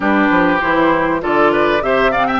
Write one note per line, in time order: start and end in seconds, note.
0.00 0.28 G3
0.00 0.60 D4
0.00 1.21 G4
0.00 0.60 B4
0.30 0.60 F3
0.60 1.23 E3
0.60 1.20 E4
0.60 1.20 C5
1.20 1.81 D3
1.20 1.80 F4
1.20 1.52 A4
1.20 1.82 D5
1.52 1.82 B4
1.81 2.39 C3
1.81 2.11 G4
1.81 2.11 C5
1.81 2.12 E5
2.11 2.39 C4
2.11 2.27 D5
2.11 2.27 F5
2.27 2.39 E5
2.27 2.39 G5